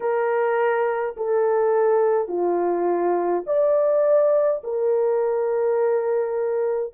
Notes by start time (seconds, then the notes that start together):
0.00 A#4
1.16 A4
2.28 F4
3.46 D5
4.63 A#4